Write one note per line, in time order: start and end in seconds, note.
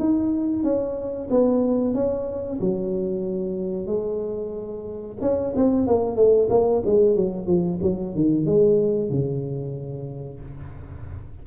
0.00 0.64 D#4
0.64 1.29 C#4
1.31 1.95 B3
1.95 2.60 C#4
2.61 3.87 F#3
3.87 5.18 G#3
5.22 5.54 C#4
5.56 5.88 C4
5.88 6.17 A#3
6.17 6.49 A3
6.50 6.83 A#3
6.86 7.17 G#3
7.17 7.47 F#3
7.47 7.80 F3
7.83 8.16 F#3
8.16 8.46 D#3
8.46 9.10 G#3
9.10 10.41 C#3